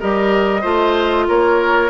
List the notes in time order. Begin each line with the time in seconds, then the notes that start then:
0.00 G3 G4 A#4 D#5
0.61 A3 F4 C5
1.28 A#3 A#4 C#5